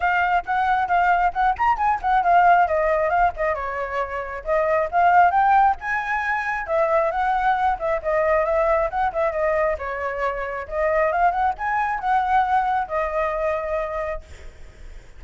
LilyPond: \new Staff \with { instrumentName = "flute" } { \time 4/4 \tempo 4 = 135 f''4 fis''4 f''4 fis''8 ais''8 | gis''8 fis''8 f''4 dis''4 f''8 dis''8 | cis''2 dis''4 f''4 | g''4 gis''2 e''4 |
fis''4. e''8 dis''4 e''4 | fis''8 e''8 dis''4 cis''2 | dis''4 f''8 fis''8 gis''4 fis''4~ | fis''4 dis''2. | }